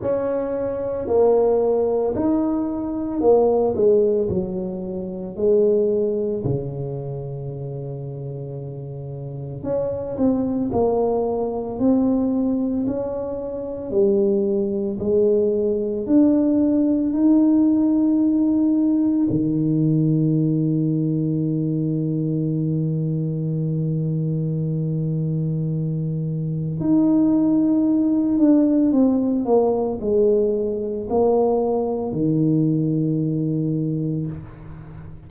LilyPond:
\new Staff \with { instrumentName = "tuba" } { \time 4/4 \tempo 4 = 56 cis'4 ais4 dis'4 ais8 gis8 | fis4 gis4 cis2~ | cis4 cis'8 c'8 ais4 c'4 | cis'4 g4 gis4 d'4 |
dis'2 dis2~ | dis1~ | dis4 dis'4. d'8 c'8 ais8 | gis4 ais4 dis2 | }